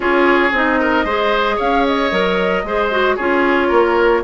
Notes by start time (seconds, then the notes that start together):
0.00 C#4 F4 G#4 C#5
0.51 C4 D#4 D#5
0.79 A#4
1.04 G#3 G#4 C5
1.56 C#4 C#5 F5
1.86 D#5
2.11 F#3 A#4
2.63 G#3 G#4 C5
2.91 F#4
3.16 C#4 F4 G#4 C#5
3.68 A#3 A#4